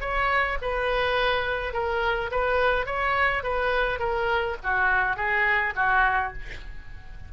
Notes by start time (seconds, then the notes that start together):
0.00 C#5
0.61 B4
1.73 A#4
2.31 B4
2.86 C#5
3.43 B4
3.99 A#4
4.63 F#4
5.16 G#4
5.75 F#4